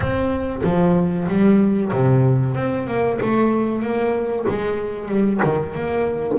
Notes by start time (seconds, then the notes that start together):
0.00 C4
0.63 F3
1.28 G3
1.92 C3
2.55 C4
2.87 A#3
3.20 A3
3.82 A#3
4.48 G#3
5.08 G3
5.43 D#3
5.74 A#3